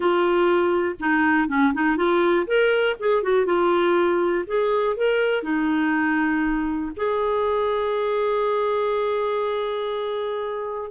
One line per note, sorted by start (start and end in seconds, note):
0.00 0.95 F4
0.99 1.48 D#4
1.48 1.73 C#4
1.73 1.96 D#4
1.96 2.46 F4
2.46 2.96 A#4
2.99 3.22 G#4
3.22 3.45 F#4
3.45 4.44 F4
4.47 4.96 G#4
4.96 5.43 A#4
5.43 6.91 D#4
6.96 10.91 G#4